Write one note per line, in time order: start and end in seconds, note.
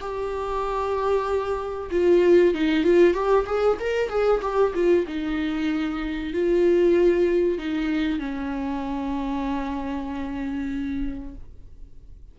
0.00 1.89 G4
1.91 2.54 F4
2.54 2.84 D#4
2.84 3.13 F4
3.13 3.45 G4
3.46 3.78 G#4
3.80 4.09 A#4
4.09 4.41 G#4
4.42 4.73 G4
4.74 5.06 F4
5.07 6.33 D#4
6.33 7.58 F4
7.58 8.19 D#4
8.19 11.35 C#4